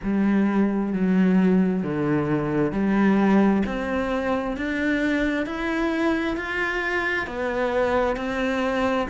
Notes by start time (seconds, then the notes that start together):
0.03 G3
0.93 F#3
1.83 D3
2.71 G3
3.66 C4
4.57 D4
5.45 E4
6.36 F4
7.26 B3
8.16 C4